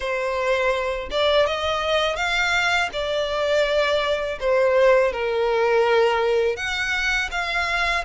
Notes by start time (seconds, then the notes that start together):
0.00 C5
1.10 D5
1.46 D#5
2.16 F5
2.92 D5
4.39 C5
5.12 A#4
6.56 F#5
7.31 F5